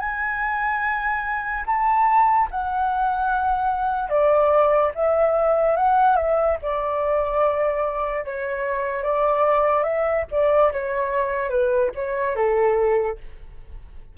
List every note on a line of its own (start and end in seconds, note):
0.00 1.64 G#5
1.67 2.49 A5
2.51 4.09 F#5
4.09 4.92 D5
4.95 5.77 E5
5.77 6.16 F#5
6.16 6.58 E5
6.62 8.25 D5
8.25 9.04 C#5
9.04 9.84 D5
9.84 10.25 E5
10.32 10.73 D5
10.73 11.50 C#5
11.50 11.91 B4
11.96 12.36 C#5
12.36 13.18 A4